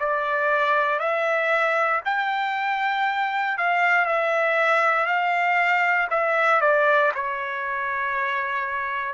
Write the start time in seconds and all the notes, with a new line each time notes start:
0.00 D5
0.99 E5
2.05 G5
3.58 F5
4.05 E5
5.06 F5
6.10 E5
6.61 D5
7.15 C#5